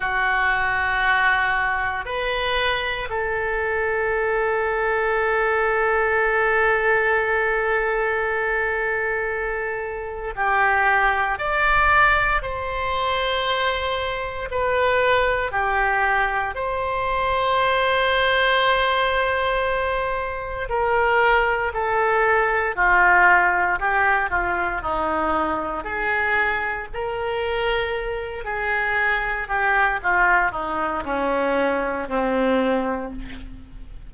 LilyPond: \new Staff \with { instrumentName = "oboe" } { \time 4/4 \tempo 4 = 58 fis'2 b'4 a'4~ | a'1~ | a'2 g'4 d''4 | c''2 b'4 g'4 |
c''1 | ais'4 a'4 f'4 g'8 f'8 | dis'4 gis'4 ais'4. gis'8~ | gis'8 g'8 f'8 dis'8 cis'4 c'4 | }